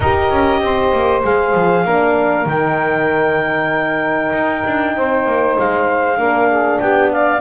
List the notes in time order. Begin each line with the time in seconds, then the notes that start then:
0.00 D#4 G4 A#4 D#5
0.30 C#4
0.61 C4 C5
0.92 A#3
1.24 G#3 G#4 F5
1.54 F3
1.84 A#3 D4 A#4
2.45 D#3 D#4 G5
4.32 D#4
4.66 D4
4.96 C4 C5
5.26 A#3
5.58 G#3 F5
6.16 A#3 D4 A#4
6.50 G#4
6.79 B3 G4 G5
7.11 D5 F5